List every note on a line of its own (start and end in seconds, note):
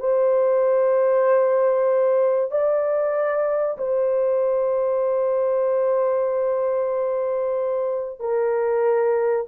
0.00 2.51 C5
2.51 3.78 D5
3.78 8.20 C5
8.20 9.47 A#4